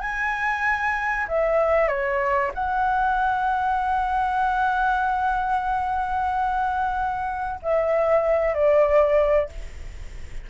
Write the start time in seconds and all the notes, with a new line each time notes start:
0.00 G#5
1.28 E5
1.87 C#5
2.54 F#5
7.62 E5
8.54 D5